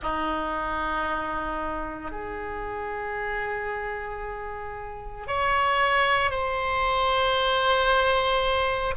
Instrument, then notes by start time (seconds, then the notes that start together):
oboe
0.02 D#4
2.11 G#4
5.27 C#5
6.30 C5